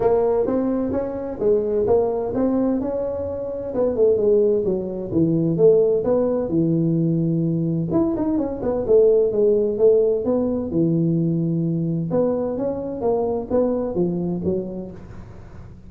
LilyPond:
\new Staff \with { instrumentName = "tuba" } { \time 4/4 \tempo 4 = 129 ais4 c'4 cis'4 gis4 | ais4 c'4 cis'2 | b8 a8 gis4 fis4 e4 | a4 b4 e2~ |
e4 e'8 dis'8 cis'8 b8 a4 | gis4 a4 b4 e4~ | e2 b4 cis'4 | ais4 b4 f4 fis4 | }